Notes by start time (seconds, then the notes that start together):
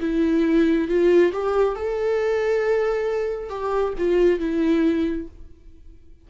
0.00 E4
0.88 F4
1.32 G4
1.75 A4
3.49 G4
3.98 F4
4.40 E4